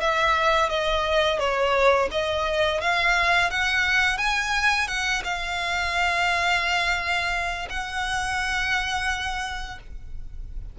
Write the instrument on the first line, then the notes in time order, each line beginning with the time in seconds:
violin
0.00 E5
0.69 D#5
1.39 C#5
2.11 D#5
2.81 F5
3.50 F#5
4.17 G#5
4.87 F#5
5.24 F5
7.69 F#5